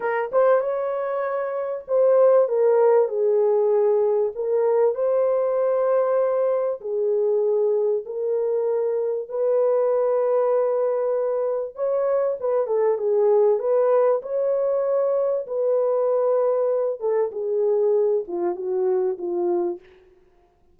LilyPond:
\new Staff \with { instrumentName = "horn" } { \time 4/4 \tempo 4 = 97 ais'8 c''8 cis''2 c''4 | ais'4 gis'2 ais'4 | c''2. gis'4~ | gis'4 ais'2 b'4~ |
b'2. cis''4 | b'8 a'8 gis'4 b'4 cis''4~ | cis''4 b'2~ b'8 a'8 | gis'4. f'8 fis'4 f'4 | }